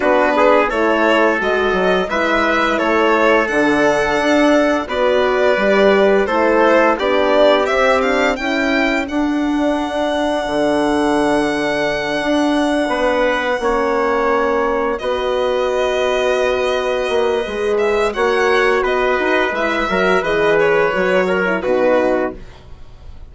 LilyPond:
<<
  \new Staff \with { instrumentName = "violin" } { \time 4/4 \tempo 4 = 86 b'4 cis''4 dis''4 e''4 | cis''4 fis''2 d''4~ | d''4 c''4 d''4 e''8 f''8 | g''4 fis''2.~ |
fis''1~ | fis''4. dis''2~ dis''8~ | dis''4. e''8 fis''4 dis''4 | e''4 dis''8 cis''4. b'4 | }
  \new Staff \with { instrumentName = "trumpet" } { \time 4/4 fis'8 gis'8 a'2 b'4 | a'2. b'4~ | b'4 a'4 g'2 | a'1~ |
a'2~ a'8 b'4 cis''8~ | cis''4. b'2~ b'8~ | b'2 cis''4 b'4~ | b'8 ais'8 b'4. ais'8 fis'4 | }
  \new Staff \with { instrumentName = "horn" } { \time 4/4 d'4 e'4 fis'4 e'4~ | e'4 d'2 fis'4 | g'4 e'4 d'4 c'8 d'8 | e'4 d'2.~ |
d'2.~ d'8 cis'8~ | cis'4. fis'2~ fis'8~ | fis'4 gis'4 fis'2 | e'8 fis'8 gis'4 fis'8. e'16 dis'4 | }
  \new Staff \with { instrumentName = "bassoon" } { \time 4/4 b4 a4 gis8 fis8 gis4 | a4 d4 d'4 b4 | g4 a4 b4 c'4 | cis'4 d'2 d4~ |
d4. d'4 b4 ais8~ | ais4. b2~ b8~ | b8 ais8 gis4 ais4 b8 dis'8 | gis8 fis8 e4 fis4 b,4 | }
>>